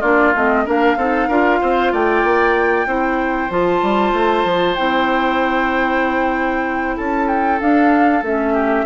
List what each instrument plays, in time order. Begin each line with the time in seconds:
0.00 bassoon A#3, clarinet D4, oboe F4, flute D5
0.34 bassoon A3, clarinet C4, flute D#5
0.65 bassoon A#3, clarinet D4, oboe A#4, flute F5
0.96 bassoon C4, clarinet D#4, oboe A4
1.28 bassoon D4, clarinet F4, oboe A#4
1.61 bassoon C4, oboe C5
1.92 bassoon A3, oboe D5, flute G5
2.24 bassoon A#3
2.86 bassoon C4, clarinet E4, oboe C5
3.49 bassoon F3, clarinet F4, flute A5
3.82 bassoon G3
4.12 bassoon A3
4.44 bassoon F3
4.75 bassoon C4, clarinet E4, flute G5
6.96 bassoon C#4, oboe A4, flute A5
7.27 flute G5
7.60 clarinet D4, bassoon D4, flute F5
8.22 bassoon A3, clarinet C#4, flute E5
8.53 oboe G4